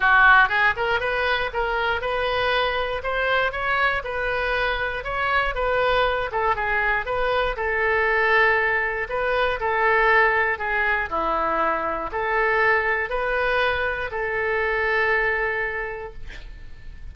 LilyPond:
\new Staff \with { instrumentName = "oboe" } { \time 4/4 \tempo 4 = 119 fis'4 gis'8 ais'8 b'4 ais'4 | b'2 c''4 cis''4 | b'2 cis''4 b'4~ | b'8 a'8 gis'4 b'4 a'4~ |
a'2 b'4 a'4~ | a'4 gis'4 e'2 | a'2 b'2 | a'1 | }